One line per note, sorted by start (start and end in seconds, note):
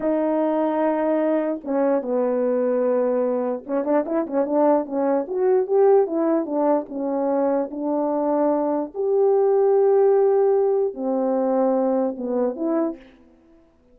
0.00 1.60 D#4
1.64 2.02 C#4
2.02 3.64 B3
3.66 3.84 C#4
3.84 4.05 D4
4.06 4.26 E4
4.27 4.45 C#4
4.45 4.85 D4
4.85 5.26 C#4
5.27 5.66 F#4
5.66 6.06 G4
6.06 6.45 E4
6.45 6.86 D4
6.88 7.69 C#4
7.70 8.92 D4
8.94 10.93 G4
10.93 12.15 C4
12.17 12.55 B3
12.55 12.96 E4